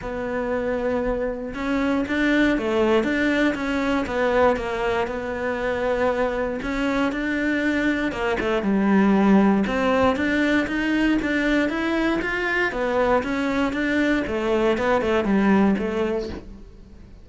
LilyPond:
\new Staff \with { instrumentName = "cello" } { \time 4/4 \tempo 4 = 118 b2. cis'4 | d'4 a4 d'4 cis'4 | b4 ais4 b2~ | b4 cis'4 d'2 |
ais8 a8 g2 c'4 | d'4 dis'4 d'4 e'4 | f'4 b4 cis'4 d'4 | a4 b8 a8 g4 a4 | }